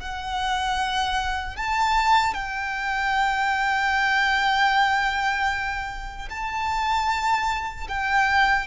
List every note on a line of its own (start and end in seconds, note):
0.00 1.56 F#5
1.56 2.34 A5
2.34 6.29 G5
6.30 7.88 A5
7.88 8.67 G5